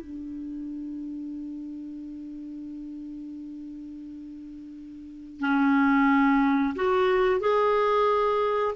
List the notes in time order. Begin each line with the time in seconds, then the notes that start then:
0.00 D4
5.39 C#4
6.75 F#4
7.40 G#4